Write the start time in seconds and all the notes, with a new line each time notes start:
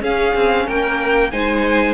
0.00 C#4 G#4 F5
0.35 C4
0.66 A#3 A#4 G5
1.31 G#3 D#4 C5 G#5